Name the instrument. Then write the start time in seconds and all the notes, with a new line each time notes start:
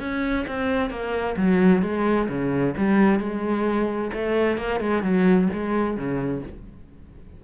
cello
0.00 C#4
0.47 C4
0.90 A#3
1.37 F#3
1.82 G#3
2.29 C#3
2.77 G3
3.20 G#3
4.13 A3
4.58 A#3
4.80 G#3
5.03 F#3
5.53 G#3
5.97 C#3